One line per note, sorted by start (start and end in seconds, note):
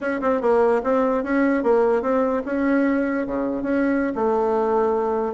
0.00 0.20 C#4
0.21 0.41 C4
0.41 0.81 A#3
0.83 1.23 C4
1.23 1.63 C#4
1.63 2.02 A#3
2.02 2.42 C4
2.45 3.26 C#4
3.26 3.62 C#3
3.62 4.13 C#4
4.15 5.34 A3